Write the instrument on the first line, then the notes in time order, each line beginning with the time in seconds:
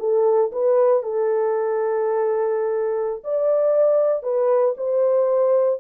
horn
0.00 A4
0.52 B4
1.03 A4
3.24 D5
4.23 B4
4.78 C5